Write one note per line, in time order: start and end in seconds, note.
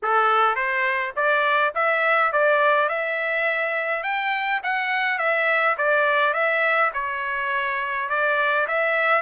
0.02 0.55 A4
0.55 1.13 C5
1.16 1.73 D5
1.74 2.32 E5
2.32 2.88 D5
2.88 4.03 E5
4.03 4.60 G5
4.63 5.18 F#5
5.18 5.76 E5
5.77 6.33 D5
6.33 6.91 E5
6.93 8.09 C#5
8.09 8.67 D5
8.67 9.21 E5